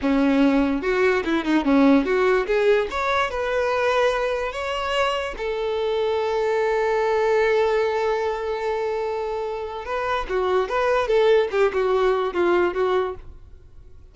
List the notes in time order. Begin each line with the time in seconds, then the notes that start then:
0.01 C#4
0.82 F#4
1.24 E4
1.44 D#4
1.64 C#4
2.05 F#4
2.46 G#4
2.90 C#5
3.30 B4
4.52 C#5
5.37 A4
9.85 B4
10.29 F#4
10.68 B4
11.07 A4
11.51 G4
11.73 F#4
12.33 F4
12.74 F#4